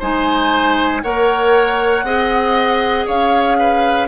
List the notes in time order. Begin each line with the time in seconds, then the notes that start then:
0.00 G#3 D#4 C5 G#5
1.03 A#3 A#4 C#5 F#5
2.04 C4 G#4 D#5
3.07 C#4 C#5 F5
3.59 B4